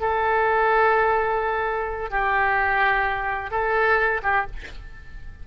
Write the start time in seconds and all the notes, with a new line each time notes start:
0.00 A4
2.10 G4
3.50 A4
4.22 G4